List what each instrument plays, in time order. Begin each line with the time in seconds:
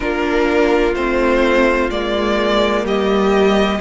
0.00 cello A#3, viola D4, violin F4 A#4
0.94 cello A3, viola C4, violin C5
1.90 cello G#3, viola A#3, violin D5
2.84 cello G3, violin G4 D#5